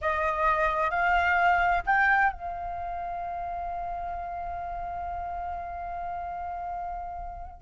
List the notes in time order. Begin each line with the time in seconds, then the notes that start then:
0.01 D#5
0.90 F5
1.86 G5
2.32 F5